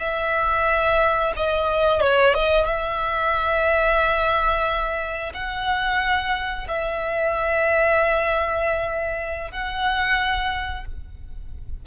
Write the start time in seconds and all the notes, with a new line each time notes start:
0.00 E5
1.37 D#5
2.02 C#5
2.35 D#5
2.66 E5
5.35 F#5
6.69 E5
9.52 F#5